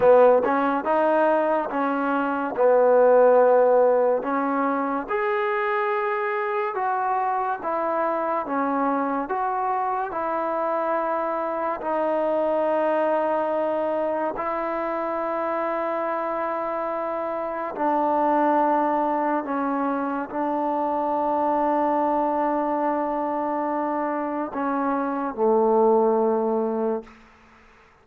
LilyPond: \new Staff \with { instrumentName = "trombone" } { \time 4/4 \tempo 4 = 71 b8 cis'8 dis'4 cis'4 b4~ | b4 cis'4 gis'2 | fis'4 e'4 cis'4 fis'4 | e'2 dis'2~ |
dis'4 e'2.~ | e'4 d'2 cis'4 | d'1~ | d'4 cis'4 a2 | }